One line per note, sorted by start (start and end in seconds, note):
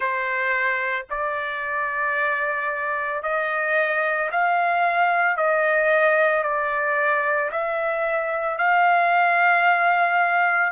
0.00 1.06 C5
1.10 3.22 D5
3.22 4.30 D#5
4.31 5.36 F5
5.36 6.43 D#5
6.43 7.50 D5
7.51 8.58 E5
8.58 10.72 F5